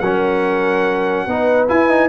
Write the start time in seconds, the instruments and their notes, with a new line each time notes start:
0.00 tuba F#3, trombone C#4, horn A#4, trumpet F#5
1.27 tuba B3, trombone D#4, horn B4
1.68 trombone E4, tuba E4, trumpet G#5
1.90 trombone D#4